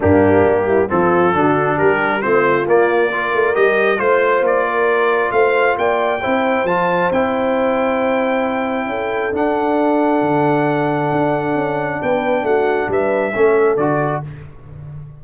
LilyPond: <<
  \new Staff \with { instrumentName = "trumpet" } { \time 4/4 \tempo 4 = 135 g'2 a'2 | ais'4 c''4 d''2 | dis''4 c''4 d''2 | f''4 g''2 a''4 |
g''1~ | g''4 fis''2.~ | fis''2. g''4 | fis''4 e''2 d''4 | }
  \new Staff \with { instrumentName = "horn" } { \time 4/4 d'4. e'8 f'4 fis'4 | g'4 f'2 ais'4~ | ais'4 c''4. ais'4. | c''4 d''4 c''2~ |
c''1 | a'1~ | a'2. b'4 | fis'4 b'4 a'2 | }
  \new Staff \with { instrumentName = "trombone" } { \time 4/4 ais2 c'4 d'4~ | d'4 c'4 ais4 f'4 | g'4 f'2.~ | f'2 e'4 f'4 |
e'1~ | e'4 d'2.~ | d'1~ | d'2 cis'4 fis'4 | }
  \new Staff \with { instrumentName = "tuba" } { \time 4/4 g,4 g4 f4 d4 | g4 a4 ais4. a8 | g4 a4 ais2 | a4 ais4 c'4 f4 |
c'1 | cis'4 d'2 d4~ | d4 d'4 cis'4 b4 | a4 g4 a4 d4 | }
>>